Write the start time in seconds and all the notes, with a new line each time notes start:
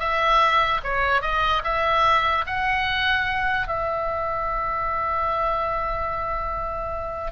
0.00 E5
0.84 C#5
1.22 D#5
1.64 E5
2.47 F#5
3.68 E5